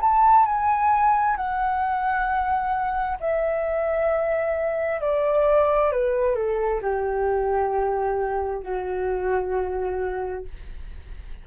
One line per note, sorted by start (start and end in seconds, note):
0.00 0.45 A5
0.45 1.36 G#5
1.36 3.18 F#5
3.20 5.00 E5
5.00 5.91 D5
5.92 6.35 B4
6.35 6.80 A4
6.81 8.62 G4
8.62 10.44 F#4